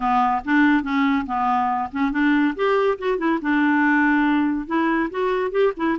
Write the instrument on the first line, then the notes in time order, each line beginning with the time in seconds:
clarinet
0.00 B3
0.44 D4
0.83 C#4
1.26 B3
1.91 C#4
2.11 D4
2.55 G4
2.98 F#4
3.18 E4
3.41 D4
4.67 E4
5.10 F#4
5.51 G4
5.77 E4